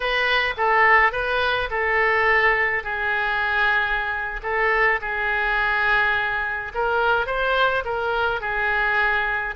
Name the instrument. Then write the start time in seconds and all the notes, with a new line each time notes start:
oboe
0.00 B4
0.57 A4
1.12 B4
1.70 A4
2.83 G#4
4.42 A4
5.01 G#4
6.74 A#4
7.26 C5
7.84 A#4
8.40 G#4